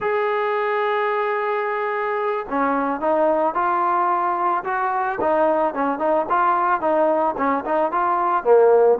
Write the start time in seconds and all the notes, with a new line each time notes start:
0.00 G#4
2.49 C#4
3.00 D#4
3.54 F4
4.64 F#4
5.20 D#4
5.73 C#4
5.99 D#4
6.29 F4
6.81 D#4
7.37 C#4
7.65 D#4
7.91 F4
8.44 A#3